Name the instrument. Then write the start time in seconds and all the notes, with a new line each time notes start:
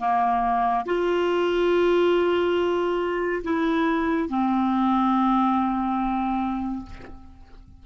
clarinet
0.00 A#3
0.86 F4
3.44 E4
4.29 C4